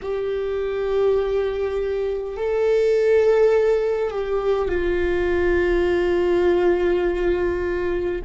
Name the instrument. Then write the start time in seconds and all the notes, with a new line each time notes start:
viola
0.02 G4
2.36 A4
4.11 G4
4.68 F4